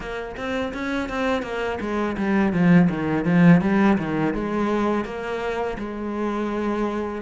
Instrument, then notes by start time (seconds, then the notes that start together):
cello
0.00 A#3
0.36 C4
0.73 C#4
1.09 C4
1.42 A#3
1.80 G#3
2.17 G3
2.52 F3
2.89 D#3
3.25 F3
3.61 G3
3.98 D#3
4.34 G#3
5.04 A#3
5.78 G#3